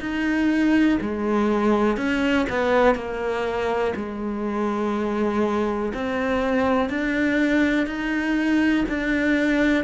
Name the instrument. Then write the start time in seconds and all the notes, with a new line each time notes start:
cello
0.00 D#4
1.01 G#3
1.97 C#4
2.49 B3
2.95 A#3
3.96 G#3
5.94 C4
6.89 D4
7.86 D#4
8.88 D4